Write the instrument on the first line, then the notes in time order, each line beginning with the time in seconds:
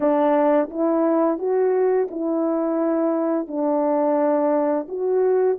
horn
0.00 D4
0.70 E4
1.38 F#4
2.11 E4
3.47 D4
4.88 F#4